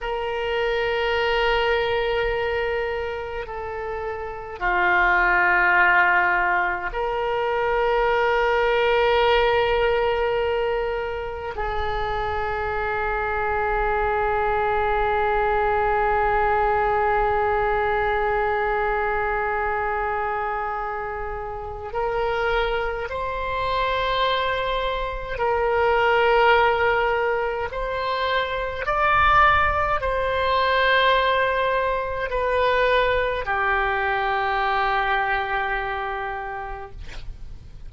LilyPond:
\new Staff \with { instrumentName = "oboe" } { \time 4/4 \tempo 4 = 52 ais'2. a'4 | f'2 ais'2~ | ais'2 gis'2~ | gis'1~ |
gis'2. ais'4 | c''2 ais'2 | c''4 d''4 c''2 | b'4 g'2. | }